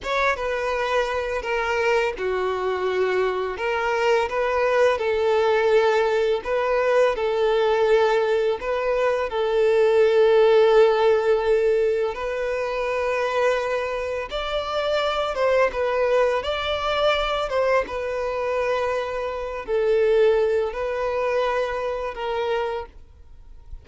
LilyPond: \new Staff \with { instrumentName = "violin" } { \time 4/4 \tempo 4 = 84 cis''8 b'4. ais'4 fis'4~ | fis'4 ais'4 b'4 a'4~ | a'4 b'4 a'2 | b'4 a'2.~ |
a'4 b'2. | d''4. c''8 b'4 d''4~ | d''8 c''8 b'2~ b'8 a'8~ | a'4 b'2 ais'4 | }